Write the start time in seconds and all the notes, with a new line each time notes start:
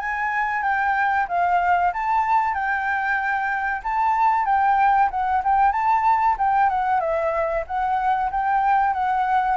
0.00 G#5
0.63 G5
1.29 F5
1.94 A5
2.54 G5
3.84 A5
4.46 G5
5.11 F#5
5.44 G5
5.73 A5
6.39 G5
6.70 F#5
7.01 E5
7.67 F#5
8.31 G5
8.94 F#5